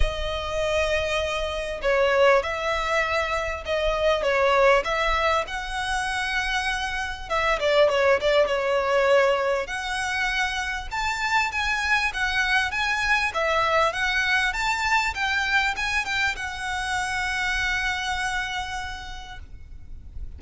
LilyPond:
\new Staff \with { instrumentName = "violin" } { \time 4/4 \tempo 4 = 99 dis''2. cis''4 | e''2 dis''4 cis''4 | e''4 fis''2. | e''8 d''8 cis''8 d''8 cis''2 |
fis''2 a''4 gis''4 | fis''4 gis''4 e''4 fis''4 | a''4 g''4 gis''8 g''8 fis''4~ | fis''1 | }